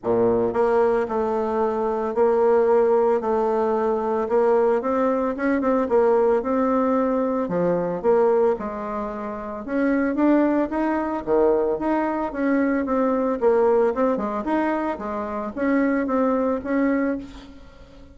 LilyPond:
\new Staff \with { instrumentName = "bassoon" } { \time 4/4 \tempo 4 = 112 ais,4 ais4 a2 | ais2 a2 | ais4 c'4 cis'8 c'8 ais4 | c'2 f4 ais4 |
gis2 cis'4 d'4 | dis'4 dis4 dis'4 cis'4 | c'4 ais4 c'8 gis8 dis'4 | gis4 cis'4 c'4 cis'4 | }